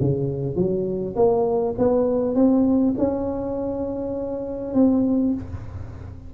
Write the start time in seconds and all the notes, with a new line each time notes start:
0.00 C#3
0.55 F#3
1.15 A#3
1.78 B3
2.35 C4
2.98 C#4
4.74 C4